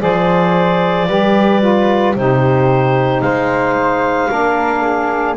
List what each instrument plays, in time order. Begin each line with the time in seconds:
0.00 double bass F3, saxophone G#4, flute C5, clarinet D5
1.08 double bass G3, saxophone G4, flute B4
1.61 saxophone F4
2.16 double bass C3, saxophone D#4, flute G4, clarinet C5
3.21 double bass G#3, flute C5, clarinet F5
4.29 double bass A#3, saxophone D4, flute A#4
4.82 flute G#4